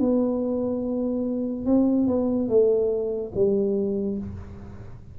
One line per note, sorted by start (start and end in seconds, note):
0.00 1.66 B3
1.66 2.08 C4
2.08 2.49 B3
2.49 3.32 A3
3.35 4.19 G3